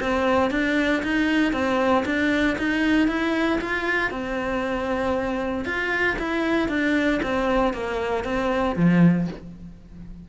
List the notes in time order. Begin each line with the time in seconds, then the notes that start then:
0.00 C4
0.51 D4
1.03 D#4
1.52 C4
2.05 D4
2.58 D#4
3.08 E4
3.61 F4
4.11 C4
5.65 F4
6.19 E4
6.69 D4
7.23 C4
7.73 A#3
8.24 C4
8.76 F3